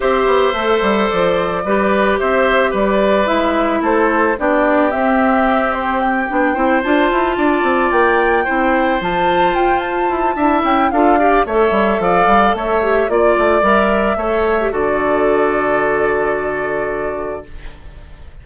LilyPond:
<<
  \new Staff \with { instrumentName = "flute" } { \time 4/4 \tempo 4 = 110 e''2 d''2 | e''4 d''4 e''4 c''4 | d''4 e''4. c''8 g''4~ | g''8 a''2 g''4.~ |
g''8 a''4 g''8 a''4. g''8 | f''4 e''4 f''4 e''4 | d''4 e''2 d''4~ | d''1 | }
  \new Staff \with { instrumentName = "oboe" } { \time 4/4 c''2. b'4 | c''4 b'2 a'4 | g'1 | c''4. d''2 c''8~ |
c''2. e''4 | a'8 d''8 cis''4 d''4 cis''4 | d''2 cis''4 a'4~ | a'1 | }
  \new Staff \with { instrumentName = "clarinet" } { \time 4/4 g'4 a'2 g'4~ | g'2 e'2 | d'4 c'2~ c'8 d'8 | e'8 f'2. e'8~ |
e'8 f'2~ f'8 e'4 | f'8 g'8 a'2~ a'8 g'8 | f'4 ais'4 a'8. g'16 fis'4~ | fis'1 | }
  \new Staff \with { instrumentName = "bassoon" } { \time 4/4 c'8 b8 a8 g8 f4 g4 | c'4 g4 gis4 a4 | b4 c'2~ c'8 b8 | c'8 d'8 e'8 d'8 c'8 ais4 c'8~ |
c'8 f4 f'4 e'8 d'8 cis'8 | d'4 a8 g8 f8 g8 a4 | ais8 a8 g4 a4 d4~ | d1 | }
>>